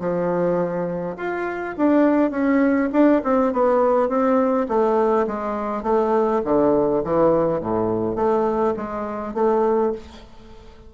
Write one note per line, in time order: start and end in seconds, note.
0.00 1.17 F3
1.17 1.75 F4
1.77 2.31 D4
2.31 2.89 C#4
2.93 3.22 D4
3.24 3.53 C4
3.53 4.09 B3
4.09 4.67 C4
4.68 5.27 A3
5.27 5.83 G#3
5.83 6.41 A3
6.44 7.03 D3
7.04 7.61 E3
7.61 8.16 A2
8.16 8.74 A3
8.77 9.34 G#3
9.34 9.92 A3